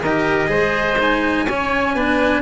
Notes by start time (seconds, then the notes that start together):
0.00 D#3 A#4 D#5
0.06 G4
0.48 G#3 G#4 C5
0.99 D#4 G#5
1.45 C#4 C#5
1.95 B3 D4 B4